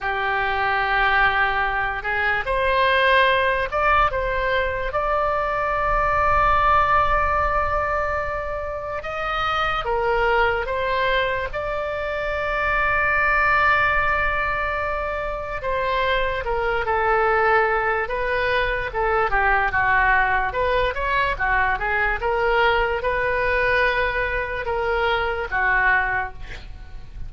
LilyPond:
\new Staff \with { instrumentName = "oboe" } { \time 4/4 \tempo 4 = 73 g'2~ g'8 gis'8 c''4~ | c''8 d''8 c''4 d''2~ | d''2. dis''4 | ais'4 c''4 d''2~ |
d''2. c''4 | ais'8 a'4. b'4 a'8 g'8 | fis'4 b'8 cis''8 fis'8 gis'8 ais'4 | b'2 ais'4 fis'4 | }